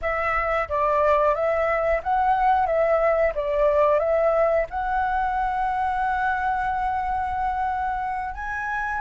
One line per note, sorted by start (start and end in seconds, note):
0.01 0.68 E5
0.68 1.34 D5
1.34 2.01 E5
2.03 2.66 F#5
2.66 3.32 E5
3.34 3.99 D5
3.99 4.65 E5
4.70 8.34 F#5
8.34 9.01 G#5